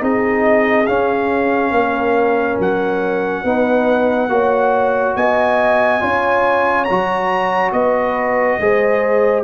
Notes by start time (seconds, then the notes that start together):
0.00 C4 D#4 G#4 D#5
0.87 C#4 F5
1.71 A#3 A#4
2.59 F#3 F#5
3.44 B3 D#4 B4
4.29 A#3 F#4 C#5
5.16 B3 D#5 G#5
6.01 C#4 F4 C#5
6.85 F#3 F#4 A#5
7.72 B3 B4 D#5
8.60 G#3 G#4 C5